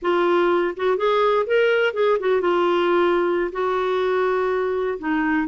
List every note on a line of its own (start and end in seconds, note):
0.01 0.75 F4
0.76 0.97 F#4
0.97 1.46 G#4
1.46 1.93 A#4
1.93 2.18 G#4
2.19 2.41 F#4
2.41 3.51 F4
3.52 4.98 F#4
4.98 5.47 D#4